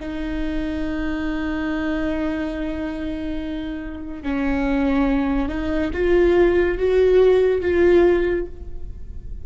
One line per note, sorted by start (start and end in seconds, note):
0.00 4.23 D#4
4.23 5.49 C#4
5.49 5.91 D#4
5.93 6.78 F4
6.78 7.61 F#4
7.61 8.46 F4